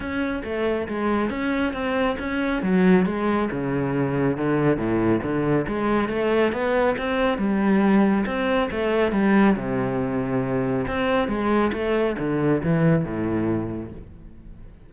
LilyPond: \new Staff \with { instrumentName = "cello" } { \time 4/4 \tempo 4 = 138 cis'4 a4 gis4 cis'4 | c'4 cis'4 fis4 gis4 | cis2 d4 a,4 | d4 gis4 a4 b4 |
c'4 g2 c'4 | a4 g4 c2~ | c4 c'4 gis4 a4 | d4 e4 a,2 | }